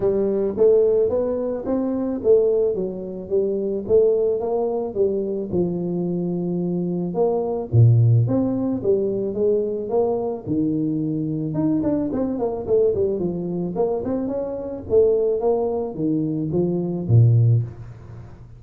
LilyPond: \new Staff \with { instrumentName = "tuba" } { \time 4/4 \tempo 4 = 109 g4 a4 b4 c'4 | a4 fis4 g4 a4 | ais4 g4 f2~ | f4 ais4 ais,4 c'4 |
g4 gis4 ais4 dis4~ | dis4 dis'8 d'8 c'8 ais8 a8 g8 | f4 ais8 c'8 cis'4 a4 | ais4 dis4 f4 ais,4 | }